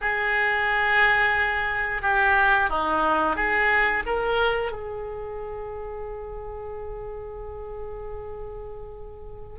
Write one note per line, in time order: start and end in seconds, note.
0.01 2.02 G#4
2.02 2.69 G4
2.69 3.36 D#4
3.36 4.03 G#4
4.06 4.71 A#4
4.71 9.59 G#4